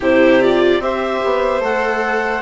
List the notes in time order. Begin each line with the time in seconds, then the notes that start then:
0.00 C3 E4 G4 C5
0.42 F4 D5
0.79 C4 G4 C5 E5
1.24 B3
1.60 A3 A4 F#5